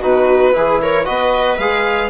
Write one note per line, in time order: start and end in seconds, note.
0.00 0.56 B2
0.00 0.53 D#4
0.00 0.53 F#4
0.00 0.81 B4
0.53 1.09 E3
0.53 1.05 E4
0.53 0.83 G#4
0.82 1.06 A#4
0.82 1.06 C#5
1.05 1.59 B3
1.05 1.58 F#4
1.05 2.10 B4
1.05 1.58 D#5
1.58 2.10 G#3
1.58 2.10 G#4
1.58 2.10 F5